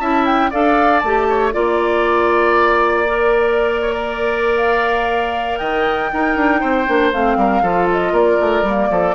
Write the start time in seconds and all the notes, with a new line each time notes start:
0.00 C#4 E4 E5 A5
0.26 G5
0.51 D4 A4 D5 F5
1.00 A3 A5
1.06 G4
1.29 C#5
1.53 A#3 F4 D5
3.08 A#4
3.82 C#5
3.95 D5
4.57 F5
5.58 D#3 D#5 G5
6.13 D#4 A#4
6.37 D4
6.61 C4 C5
6.87 A#3 D4
7.13 A3 C4 F5
7.37 G3 A#4
7.62 F3 F4 A4
7.92 D#5
8.12 A#3 A#4 D5
8.41 A3
8.63 G3 A#3
8.91 F3 A4